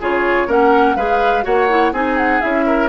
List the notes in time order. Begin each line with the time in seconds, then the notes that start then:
0.00 C#3 F4 G#4 C#5
0.47 A#3 C#4 A#4 F#5
0.96 G#3 G#4 B4 F5
1.43 A#3 F#4 C#5 F#5
1.69 E4
1.92 C4 D#4 G#4 G#5
2.17 F#5
2.41 C#4 E4 E5
2.66 A#4